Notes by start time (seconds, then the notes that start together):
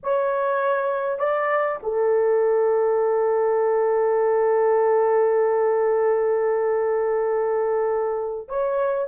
0.03 C#5
1.18 D5
1.83 A4
8.48 C#5